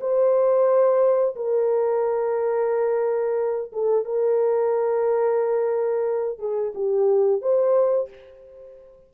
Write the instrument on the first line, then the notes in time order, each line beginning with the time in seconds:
horn
0.00 C5
1.35 A#4
3.72 A4
4.04 A#4
6.39 G#4
6.74 G4
7.41 C5